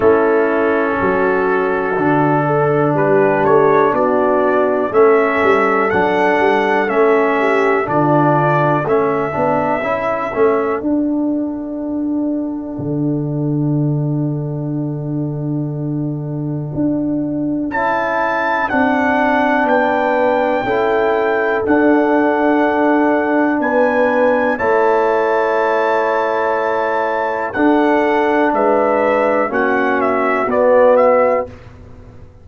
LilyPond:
<<
  \new Staff \with { instrumentName = "trumpet" } { \time 4/4 \tempo 4 = 61 a'2. b'8 cis''8 | d''4 e''4 fis''4 e''4 | d''4 e''2 fis''4~ | fis''1~ |
fis''2 a''4 fis''4 | g''2 fis''2 | gis''4 a''2. | fis''4 e''4 fis''8 e''8 d''8 e''8 | }
  \new Staff \with { instrumentName = "horn" } { \time 4/4 e'4 fis'4. a'8 g'4 | fis'4 a'2~ a'8 g'8 | f'4 a'2.~ | a'1~ |
a'1 | b'4 a'2. | b'4 cis''2. | a'4 b'4 fis'2 | }
  \new Staff \with { instrumentName = "trombone" } { \time 4/4 cis'2 d'2~ | d'4 cis'4 d'4 cis'4 | d'4 cis'8 d'8 e'8 cis'8 d'4~ | d'1~ |
d'2 e'4 d'4~ | d'4 e'4 d'2~ | d'4 e'2. | d'2 cis'4 b4 | }
  \new Staff \with { instrumentName = "tuba" } { \time 4/4 a4 fis4 d4 g8 a8 | b4 a8 g8 fis8 g8 a4 | d4 a8 b8 cis'8 a8 d'4~ | d'4 d2.~ |
d4 d'4 cis'4 c'4 | b4 cis'4 d'2 | b4 a2. | d'4 gis4 ais4 b4 | }
>>